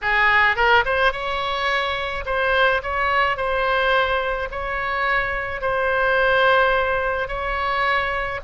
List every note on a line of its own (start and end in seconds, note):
0.01 0.56 G#4
0.56 0.84 A#4
0.85 1.12 C5
1.12 2.24 C#5
2.25 2.81 C5
2.83 3.36 C#5
3.36 4.48 C5
4.51 5.61 C#5
5.61 7.28 C5
7.28 8.40 C#5